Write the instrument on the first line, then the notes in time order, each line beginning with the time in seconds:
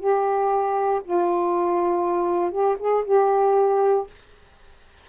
saxophone
0.00 G4
1.04 F4
2.51 G4
2.79 G#4
3.05 G4